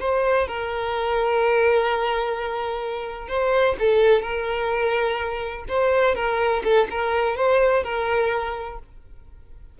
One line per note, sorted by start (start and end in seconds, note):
0.00 0.47 C5
0.47 3.28 A#4
3.28 3.76 C5
3.79 4.22 A4
4.22 5.65 A#4
5.68 6.15 C5
6.15 6.63 A#4
6.64 6.88 A4
6.90 7.36 A#4
7.36 7.83 C5
7.83 8.79 A#4